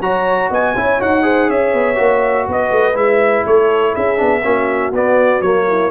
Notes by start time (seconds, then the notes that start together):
0.00 F#3 F#4 C#5 A#5
0.49 B3 D#5 G#5
0.75 C#4 E4 C#5
0.99 D#4 F#4 F#5
1.22 G#4 C5
1.48 C#4 C#5 E5
1.73 B3
1.95 A#3 F#4
2.47 B3 B4 D#5
2.71 A3
2.94 G#3 E4 E5
3.45 A3 A4 C#5
3.93 C#4 G#4 E5
4.16 B3 D4
4.43 A#3 C#4 F#4
4.92 B3 D5
5.41 F#3 A#3 C#5
5.67 E4